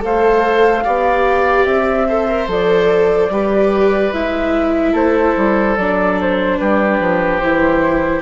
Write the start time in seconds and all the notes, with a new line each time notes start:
0.00 A3 A4 C5 F5
0.84 B3 G4 D5
1.66 C4 E5
2.09 A4 C5
2.29 A#4
2.48 F3 A4 D5
3.30 G3 G4 B4
4.14 G#3 E4 E5
4.93 A3 A4 C5
5.37 G3
5.77 F#3 D4 D5
6.21 C5
6.58 G3 G4 B4
7.00 F3
7.39 E3 E4 C5